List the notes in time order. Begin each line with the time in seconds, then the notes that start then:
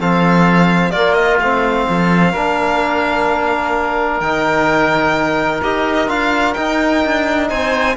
0.00 F3 C4 A4 F5
0.91 A#3 F4 D5
1.13 D#5
1.39 A3 C4 F5
1.89 F3 A4
2.32 A#3 D4 A#4
4.20 D#3 D#4 G5
5.63 D#4 G4 D#5
6.08 D4 F4 F5
6.54 D#4 G5
7.04 D4
7.49 C4 C5 G#5